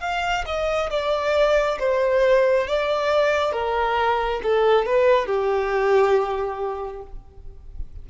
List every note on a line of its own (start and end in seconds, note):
0.00 0.44 F5
0.45 0.89 D#5
0.90 1.78 D5
1.79 2.68 C5
2.68 3.52 D5
3.52 4.40 A#4
4.43 4.86 A4
4.86 5.26 B4
5.26 7.02 G4